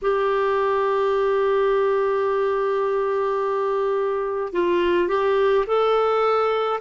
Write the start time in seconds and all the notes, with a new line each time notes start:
0.02 G4
4.53 F4
5.08 G4
5.67 A4